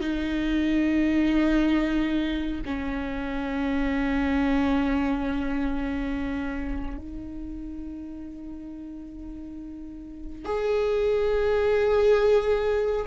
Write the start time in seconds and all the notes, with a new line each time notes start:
0.00 D#4
2.65 C#4
6.97 D#4
10.45 G#4